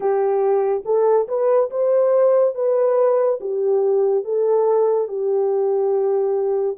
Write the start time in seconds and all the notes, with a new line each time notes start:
0.00 G4
0.85 A4
1.28 B4
1.70 C5
2.54 B4
3.40 G4
4.24 A4
5.08 G4